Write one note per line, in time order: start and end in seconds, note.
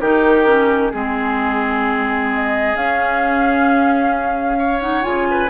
0.00 0.92 D#3
0.00 0.46 D#4
0.00 0.92 G4
0.00 0.90 A#4
0.46 0.92 C#4
0.90 2.74 G#3
0.90 2.76 C4
0.90 2.27 G#4
0.90 4.58 G#4
2.33 2.76 D#5
2.74 5.03 C#4
2.74 4.81 C#4
2.74 4.81 F5
4.58 5.27 C#5
4.81 5.02 D#4
4.81 5.03 F#5
5.02 5.49 C#3
5.02 5.48 F4
5.02 5.49 G#5
5.30 5.49 B4